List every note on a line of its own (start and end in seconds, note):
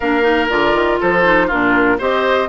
0.00 0.51 A#3
0.00 0.22 D4
0.00 0.99 A#4
0.00 0.48 F5
0.22 0.47 D#4
0.49 0.73 D3
0.49 1.24 F4
0.49 0.99 D5
0.73 0.98 D#3
0.99 1.51 F3
0.99 1.46 A4
0.99 1.50 C5
1.24 1.49 D#4
1.46 1.99 A#2
1.46 1.99 D4
1.46 1.96 F4
1.46 2.00 A#4
1.98 2.48 C4
1.98 2.48 G4
1.98 2.48 C5
1.98 2.48 D#5